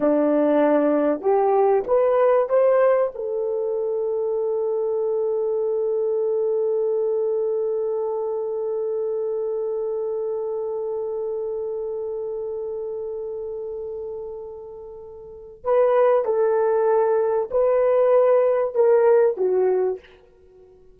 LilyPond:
\new Staff \with { instrumentName = "horn" } { \time 4/4 \tempo 4 = 96 d'2 g'4 b'4 | c''4 a'2.~ | a'1~ | a'1~ |
a'1~ | a'1~ | a'4 b'4 a'2 | b'2 ais'4 fis'4 | }